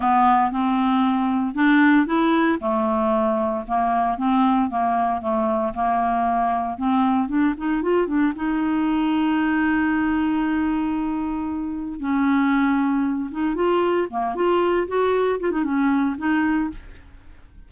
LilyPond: \new Staff \with { instrumentName = "clarinet" } { \time 4/4 \tempo 4 = 115 b4 c'2 d'4 | e'4 a2 ais4 | c'4 ais4 a4 ais4~ | ais4 c'4 d'8 dis'8 f'8 d'8 |
dis'1~ | dis'2. cis'4~ | cis'4. dis'8 f'4 ais8 f'8~ | f'8 fis'4 f'16 dis'16 cis'4 dis'4 | }